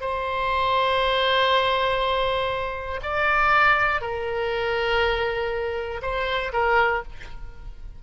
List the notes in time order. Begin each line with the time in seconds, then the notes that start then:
0.00 C5
3.02 D5
4.01 A#4
6.02 C5
6.52 A#4